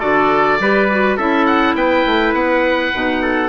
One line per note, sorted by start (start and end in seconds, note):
0.00 0.59 D3
0.00 0.59 F#4
0.00 0.58 A4
0.00 1.17 D5
0.59 1.18 G3
0.59 0.91 G4
0.59 1.17 B4
0.91 1.19 F#4
1.17 1.75 C#4
1.17 2.94 E4
1.17 1.75 A4
1.17 1.46 E5
1.46 1.75 F#5
1.75 2.04 B3
1.75 3.22 B4
1.75 2.34 G5
2.06 2.34 A3
2.34 2.92 B3
2.34 3.49 F#5
2.94 3.49 B2
2.94 3.49 D#4
3.22 3.49 A4